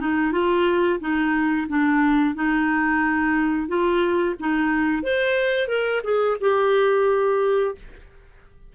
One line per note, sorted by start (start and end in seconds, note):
0.00 0.32 D#4
0.32 1.00 F4
1.00 1.67 D#4
1.69 2.35 D4
2.35 3.68 D#4
3.68 4.35 F4
4.40 5.03 D#4
5.03 5.68 C5
5.68 6.02 A#4
6.03 6.37 G#4
6.40 7.75 G4